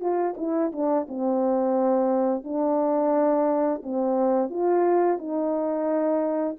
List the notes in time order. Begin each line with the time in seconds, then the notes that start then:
0.00 F4
0.37 E4
0.72 D4
1.08 C4
2.44 D4
3.83 C4
4.50 F4
5.18 D#4